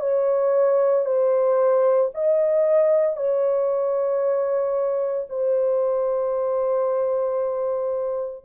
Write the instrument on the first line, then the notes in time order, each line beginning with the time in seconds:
horn
0.00 C#5
1.05 C5
2.14 D#5
3.16 C#5
5.30 C5